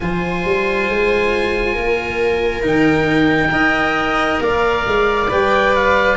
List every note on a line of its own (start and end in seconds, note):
0.00 0.44 F3
0.00 2.62 F4
0.00 1.72 C5
0.00 2.62 G#5
0.44 0.88 G3
0.88 1.76 G#3
1.72 2.64 A#3
1.72 3.49 A#4
2.62 3.51 D#3
2.62 3.49 D#4
2.62 4.42 G5
3.49 4.39 D#4
3.49 5.25 A#4
3.49 4.41 D#5
4.40 4.84 A#3
4.40 6.16 D5
4.40 5.31 F5
4.86 5.31 G#3
5.30 6.16 G3
5.30 6.16 B4
5.30 5.75 G5
5.75 6.16 F5